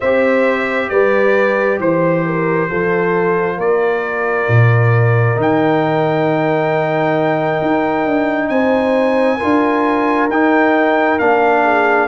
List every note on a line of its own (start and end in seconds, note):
0.00 0.90 C4
0.00 2.69 G4
0.00 0.88 C5
0.00 0.89 E5
0.89 1.79 G3
0.89 1.80 B4
0.89 1.79 D5
1.79 2.68 E3
1.79 2.25 C5
1.79 3.60 C5
2.25 2.69 A#4
2.69 3.57 F3
2.69 5.35 F4
2.69 3.57 A4
3.57 4.47 A#3
3.57 8.49 A#4
3.57 5.39 D5
4.48 5.36 A#2
5.35 7.60 D#3
5.35 9.38 D#4
5.35 8.48 G5
7.61 8.05 D#4
8.05 8.49 D4
8.48 9.39 C4
8.48 9.37 C5
8.48 10.27 G#5
9.37 10.29 D4
9.37 10.29 F4
9.37 11.61 A#4
10.29 11.18 D#4
10.29 11.19 D#4
10.29 11.18 G5
11.18 12.08 A#3
11.18 12.08 D4
11.18 12.08 F5
11.63 12.08 G#4